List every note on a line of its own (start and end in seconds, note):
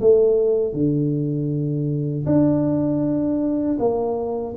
0.00 0.73 A3
0.73 2.25 D3
2.25 3.77 D4
3.79 4.55 A#3